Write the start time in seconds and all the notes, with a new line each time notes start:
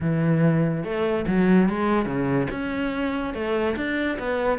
0.01 E3
0.84 A3
1.27 F#3
1.69 G#3
2.05 C#3
2.50 C#4
3.34 A3
3.76 D4
4.19 B3